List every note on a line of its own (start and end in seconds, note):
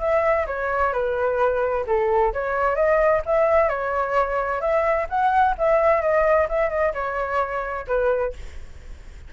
0.00 0.46 E5
0.47 0.93 C#5
0.93 1.85 B4
1.87 2.33 A4
2.33 2.76 C#5
2.76 3.22 D#5
3.26 3.69 E5
3.69 4.61 C#5
4.61 5.07 E5
5.09 5.56 F#5
5.58 6.02 E5
6.02 6.48 D#5
6.49 6.70 E5
6.70 6.93 D#5
6.94 7.86 C#5
7.87 8.33 B4